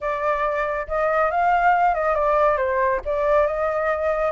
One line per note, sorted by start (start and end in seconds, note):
0.00 0.87 D5
0.87 1.30 D#5
1.30 1.94 F5
1.94 2.14 D#5
2.14 2.57 D5
2.57 3.00 C5
3.05 3.46 D5
3.46 4.31 D#5